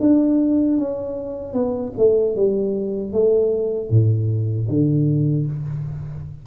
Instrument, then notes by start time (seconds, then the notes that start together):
tuba
0.00 D4
0.78 C#4
1.54 B3
1.98 A3
2.36 G3
3.12 A3
3.90 A2
4.69 D3